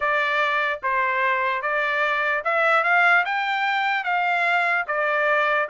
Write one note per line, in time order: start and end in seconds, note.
0.00 0.80 D5
0.83 1.62 C5
1.62 2.43 D5
2.44 2.83 E5
2.83 3.24 F5
3.25 4.04 G5
4.04 4.85 F5
4.87 5.68 D5